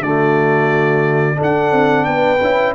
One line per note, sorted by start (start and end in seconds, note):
0.00 1.36 D3
0.00 1.36 A3
0.00 1.37 F#4
0.00 1.39 D5
1.36 2.38 D4
1.36 1.71 D4
1.36 2.05 A4
1.43 2.05 F#5
1.71 2.06 C4
2.05 2.40 B3
2.05 2.75 B4
2.05 2.73 G5
2.41 2.75 C#4
2.41 2.75 E4